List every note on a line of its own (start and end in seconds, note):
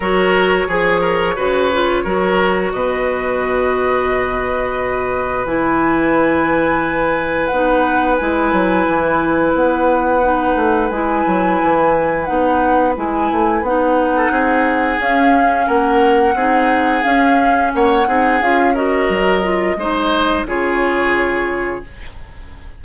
0.00 0.66 F#3
0.00 0.68 F#4
0.00 0.67 A#4
0.00 2.72 C#5
0.67 1.36 F3
0.67 1.00 G#4
0.67 1.36 G#4
1.00 1.34 A#4
1.35 2.05 C#3
1.35 1.70 F#4
1.35 2.03 B4
1.72 2.05 F4
2.04 2.72 F#3
2.04 5.46 F#4
2.04 2.72 A#4
2.72 5.45 B2
2.72 14.16 B4
2.72 5.45 D#5
5.45 7.49 E3
5.45 7.51 E4
5.45 7.47 G#5
7.47 8.19 B3
7.47 8.15 F#5
7.53 8.19 D#4
8.16 8.52 G#3
8.16 10.22 E4
8.16 9.52 G#5
8.52 8.86 F#3
8.87 9.54 E3
9.54 10.55 B3
9.54 10.89 F#5
10.22 10.90 D#4
10.55 10.89 A3
10.89 11.24 G#3
10.89 12.25 E4
10.89 12.25 G#5
11.26 11.60 F#3
11.62 12.29 E3
12.25 12.97 B3
12.25 12.94 D#4
12.25 12.93 F#5
12.95 13.31 G#3
12.95 13.63 E4
12.95 13.64 G#5
13.31 13.62 A3
13.62 14.30 B3
13.62 14.99 D#4
13.62 15.00 F#5
14.16 14.31 A4
14.30 14.98 C4
14.30 15.66 G#4
14.99 15.67 C#4
14.99 16.35 C#4
14.99 15.67 F5
15.66 16.34 A#3
15.66 16.34 A#4
15.66 17.03 F#5
16.34 17.02 C4
16.34 17.03 D#4
16.34 17.72 G#4
17.03 18.05 C#4
17.03 17.73 C#4
17.03 17.71 F5
17.74 18.07 A#3
17.74 18.08 C#5
17.74 18.42 F#5
18.06 18.40 C4
18.06 18.40 D#4
18.06 18.74 G#4
18.40 19.09 C#4
18.40 18.74 F4
18.40 18.75 F5
18.74 19.42 F#4
18.74 19.76 A#4
18.74 20.45 D#5
19.09 19.76 F#3
19.42 19.76 F4
19.76 20.44 G#3
19.76 20.46 D#4
19.76 20.47 C5
20.45 21.81 C#3
20.45 21.83 F4
20.45 21.84 G#4
20.45 21.84 C#5